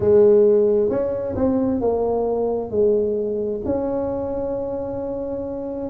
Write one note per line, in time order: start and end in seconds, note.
0.00 0.89 G#3
0.89 1.34 C#4
1.35 1.80 C4
1.80 2.70 A#3
2.70 3.61 G#3
3.65 5.89 C#4